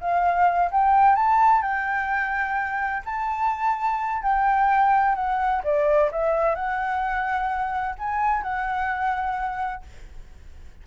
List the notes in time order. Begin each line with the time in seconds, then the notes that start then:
0.00 F5
0.71 G5
1.15 A5
1.62 G5
3.05 A5
4.22 G5
5.15 F#5
5.63 D5
6.12 E5
6.55 F#5
7.98 G#5
8.42 F#5